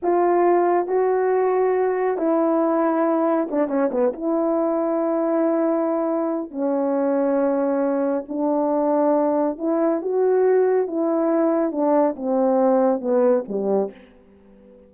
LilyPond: \new Staff \with { instrumentName = "horn" } { \time 4/4 \tempo 4 = 138 f'2 fis'2~ | fis'4 e'2. | d'8 cis'8 b8 e'2~ e'8~ | e'2. cis'4~ |
cis'2. d'4~ | d'2 e'4 fis'4~ | fis'4 e'2 d'4 | c'2 b4 g4 | }